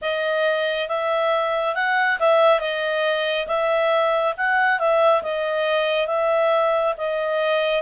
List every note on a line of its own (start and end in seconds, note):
0.01 0.88 D#5
0.88 1.75 E5
1.75 2.18 F#5
2.19 2.59 E5
2.59 3.46 D#5
3.47 4.34 E5
4.37 4.79 F#5
4.79 5.22 E5
5.22 6.07 D#5
6.07 6.94 E5
6.97 7.82 D#5